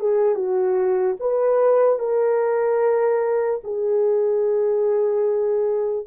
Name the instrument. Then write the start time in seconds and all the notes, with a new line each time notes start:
horn
0.00 G#4
0.35 F#4
1.20 B4
1.99 A#4
3.64 G#4